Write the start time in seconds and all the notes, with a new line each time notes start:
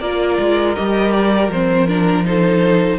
0.00 A#3 F4 A#4 D5
0.39 G#3
0.75 G3 G4 D#5
1.13 D5
1.49 F3 C4 C5
1.88 D4 A#4
2.25 D#4 A4 C5